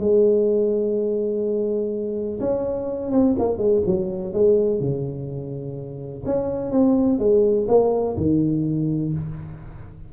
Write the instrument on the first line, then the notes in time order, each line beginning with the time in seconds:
tuba
0.00 G#3
2.40 C#4
3.12 C4
3.39 A#3
3.58 G#3
3.86 F#3
4.34 G#3
4.80 C#3
6.26 C#4
6.72 C4
7.19 G#3
7.68 A#3
8.17 D#3